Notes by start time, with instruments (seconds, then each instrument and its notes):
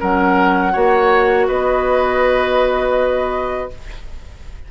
0.00 bassoon F#3, clarinet C#4, oboe A#4, flute F#5
0.72 bassoon A#3, clarinet F#4, oboe C#5
1.48 bassoon B3, oboe B4, flute D#5